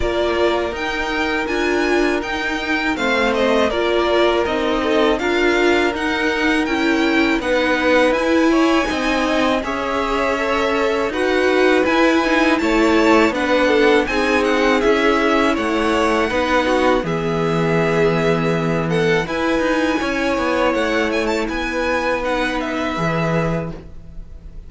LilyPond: <<
  \new Staff \with { instrumentName = "violin" } { \time 4/4 \tempo 4 = 81 d''4 g''4 gis''4 g''4 | f''8 dis''8 d''4 dis''4 f''4 | fis''4 g''4 fis''4 gis''4~ | gis''4 e''2 fis''4 |
gis''4 a''4 fis''4 gis''8 fis''8 | e''4 fis''2 e''4~ | e''4. fis''8 gis''2 | fis''8 gis''16 a''16 gis''4 fis''8 e''4. | }
  \new Staff \with { instrumentName = "violin" } { \time 4/4 ais'1 | c''4 ais'4. a'8 ais'4~ | ais'2 b'4. cis''8 | dis''4 cis''2 b'4~ |
b'4 cis''4 b'8 a'8 gis'4~ | gis'4 cis''4 b'8 fis'8 gis'4~ | gis'4. a'8 b'4 cis''4~ | cis''4 b'2. | }
  \new Staff \with { instrumentName = "viola" } { \time 4/4 f'4 dis'4 f'4 dis'4 | c'4 f'4 dis'4 f'4 | dis'4 e'4 dis'4 e'4 | dis'4 gis'4 a'4 fis'4 |
e'8 dis'8 e'4 d'4 dis'4 | e'2 dis'4 b4~ | b2 e'2~ | e'2 dis'4 gis'4 | }
  \new Staff \with { instrumentName = "cello" } { \time 4/4 ais4 dis'4 d'4 dis'4 | a4 ais4 c'4 d'4 | dis'4 cis'4 b4 e'4 | c'4 cis'2 dis'4 |
e'4 a4 b4 c'4 | cis'4 a4 b4 e4~ | e2 e'8 dis'8 cis'8 b8 | a4 b2 e4 | }
>>